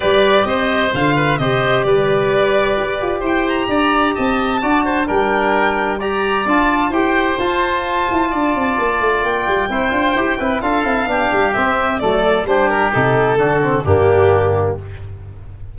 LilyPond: <<
  \new Staff \with { instrumentName = "violin" } { \time 4/4 \tempo 4 = 130 d''4 dis''4 f''4 dis''4 | d''2. g''8 ais''8~ | ais''4 a''2 g''4~ | g''4 ais''4 a''4 g''4 |
a''1 | g''2. f''4~ | f''4 e''4 d''4 c''8 ais'8 | a'2 g'2 | }
  \new Staff \with { instrumentName = "oboe" } { \time 4/4 b'4 c''4. b'8 c''4 | b'2. c''4 | d''4 dis''4 d''8 c''8 ais'4~ | ais'4 d''2 c''4~ |
c''2 d''2~ | d''4 c''4. b'8 a'4 | g'2 a'4 g'4~ | g'4 fis'4 d'2 | }
  \new Staff \with { instrumentName = "trombone" } { \time 4/4 g'2 f'4 g'4~ | g'1~ | g'2 fis'4 d'4~ | d'4 g'4 f'4 g'4 |
f'1~ | f'4 e'8 f'8 g'8 e'8 f'8 e'8 | d'4 c'4 a4 d'4 | dis'4 d'8 c'8 ais2 | }
  \new Staff \with { instrumentName = "tuba" } { \time 4/4 g4 c'4 d4 c4 | g2 g'8 f'8 e'4 | d'4 c'4 d'4 g4~ | g2 d'4 e'4 |
f'4. e'8 d'8 c'8 ais8 a8 | ais8 g8 c'8 d'8 e'8 c'8 d'8 c'8 | b8 g8 c'4 fis4 g4 | c4 d4 g,2 | }
>>